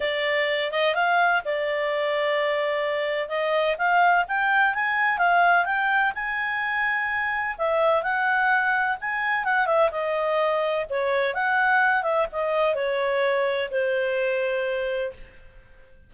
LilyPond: \new Staff \with { instrumentName = "clarinet" } { \time 4/4 \tempo 4 = 127 d''4. dis''8 f''4 d''4~ | d''2. dis''4 | f''4 g''4 gis''4 f''4 | g''4 gis''2. |
e''4 fis''2 gis''4 | fis''8 e''8 dis''2 cis''4 | fis''4. e''8 dis''4 cis''4~ | cis''4 c''2. | }